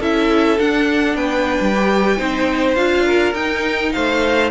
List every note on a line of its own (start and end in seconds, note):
0.00 0.59 C#4
0.00 0.59 E4
0.00 1.17 A4
0.00 0.60 E5
0.59 1.75 D4
0.59 1.15 D4
0.59 1.16 F#5
1.15 1.59 B3
1.15 2.18 B4
1.15 2.75 G5
1.61 2.19 G3
1.75 2.18 G4
2.18 2.77 C4
2.18 2.76 D#4
2.18 3.05 C5
2.75 3.34 D4
2.75 3.35 F4
2.75 3.34 F5
3.05 3.93 A#4
3.34 3.93 D#4
3.34 4.51 D#4
3.34 3.93 G5
3.93 4.51 A3
3.93 4.51 C5
3.93 4.51 F5